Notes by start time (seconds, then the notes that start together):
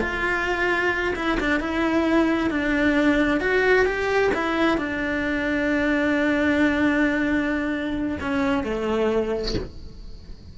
0.00 F4
1.15 E4
1.40 D4
1.60 E4
2.50 D4
3.40 F#4
3.85 G4
4.34 E4
4.77 D4
8.20 C#4
8.63 A3